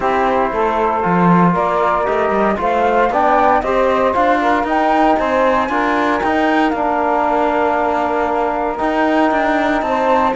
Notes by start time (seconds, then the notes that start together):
0.00 C4 E4 G4 C5
0.52 A3 A4
1.01 F3 F4
1.51 A#3 A#4 D5
2.04 A3 G4 D#5
2.29 G3
2.56 A3 F4 C5 F5
3.10 B3 D4 D5 G5
3.61 C4 G4 C5 D#5
4.14 D4 F4 F5
4.41 A#4
4.63 D#4 G5
5.18 C4 C5 G#5
5.69 D4 F4 A#4
6.21 D#4 G5
6.69 A#3 D4 F5
8.77 D#4 G5
9.31 D4
9.81 C4 C5 A5